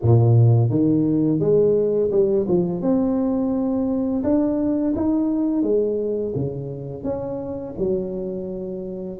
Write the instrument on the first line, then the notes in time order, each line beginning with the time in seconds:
tuba
0.02 A#2
0.70 D#3
1.39 G#3
2.11 G3
2.48 F3
2.81 C4
4.23 D4
4.95 D#4
5.62 G#3
6.35 C#3
7.03 C#4
7.78 F#3